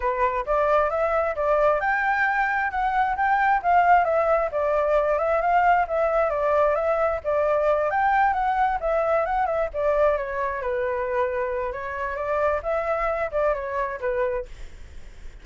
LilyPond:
\new Staff \with { instrumentName = "flute" } { \time 4/4 \tempo 4 = 133 b'4 d''4 e''4 d''4 | g''2 fis''4 g''4 | f''4 e''4 d''4. e''8 | f''4 e''4 d''4 e''4 |
d''4. g''4 fis''4 e''8~ | e''8 fis''8 e''8 d''4 cis''4 b'8~ | b'2 cis''4 d''4 | e''4. d''8 cis''4 b'4 | }